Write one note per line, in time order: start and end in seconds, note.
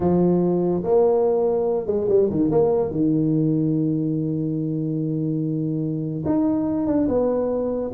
0.00 0.83 F3
0.83 1.86 A#3
1.86 2.07 G#3
2.08 2.29 G3
2.30 2.50 D#3
2.51 2.91 A#3
2.91 6.24 D#3
6.25 6.86 D#4
6.86 7.07 D4
7.07 7.91 B3